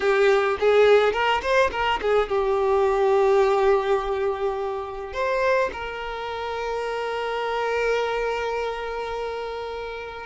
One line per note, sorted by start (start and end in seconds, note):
0.00 0.57 G4
0.59 1.12 G#4
1.12 1.41 A#4
1.41 1.70 C5
1.71 1.99 A#4
2.01 2.28 G#4
2.28 5.13 G4
5.13 5.70 C5
5.72 10.26 A#4